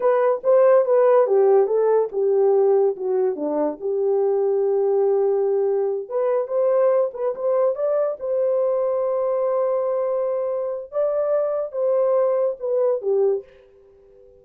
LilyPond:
\new Staff \with { instrumentName = "horn" } { \time 4/4 \tempo 4 = 143 b'4 c''4 b'4 g'4 | a'4 g'2 fis'4 | d'4 g'2.~ | g'2~ g'8 b'4 c''8~ |
c''4 b'8 c''4 d''4 c''8~ | c''1~ | c''2 d''2 | c''2 b'4 g'4 | }